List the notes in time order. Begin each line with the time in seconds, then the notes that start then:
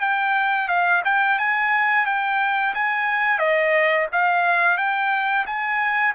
0.00 G5
0.68 F5
1.05 G5
1.39 G#5
2.05 G5
2.74 G#5
3.39 D#5
4.12 F5
4.77 G5
5.46 G#5